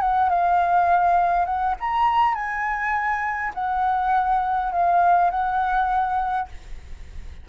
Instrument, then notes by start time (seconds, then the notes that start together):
flute
0.00 F#5
0.29 F5
1.45 F#5
1.80 A#5
2.34 G#5
3.54 F#5
4.72 F5
5.30 F#5